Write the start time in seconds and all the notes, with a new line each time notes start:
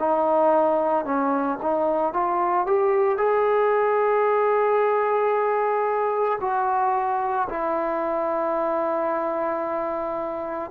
0.00 D#4
1.05 C#4
1.63 D#4
2.13 F4
2.67 G4
3.18 G#4
6.41 F#4
7.50 E4